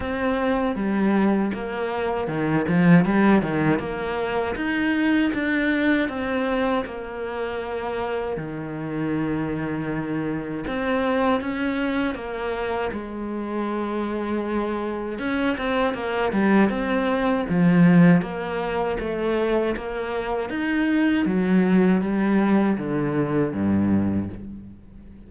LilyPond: \new Staff \with { instrumentName = "cello" } { \time 4/4 \tempo 4 = 79 c'4 g4 ais4 dis8 f8 | g8 dis8 ais4 dis'4 d'4 | c'4 ais2 dis4~ | dis2 c'4 cis'4 |
ais4 gis2. | cis'8 c'8 ais8 g8 c'4 f4 | ais4 a4 ais4 dis'4 | fis4 g4 d4 g,4 | }